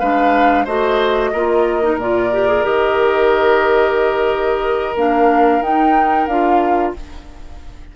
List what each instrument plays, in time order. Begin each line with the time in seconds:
0.00 bassoon G#3, clarinet D4, oboe B4, flute F5
0.65 bassoon A3, clarinet F#4, oboe C5, flute D#5
1.33 bassoon A#3, clarinet F4, oboe A#4
1.83 clarinet D#4
1.98 bassoon A#2, clarinet F4, flute D5
2.33 clarinet G4
2.48 clarinet G#4
2.64 bassoon D#3, clarinet G4, flute D#5
4.96 bassoon A#3, clarinet D4, flute F5
5.61 bassoon D#4, clarinet D#4, flute G5
6.27 bassoon D4, clarinet F4, flute F5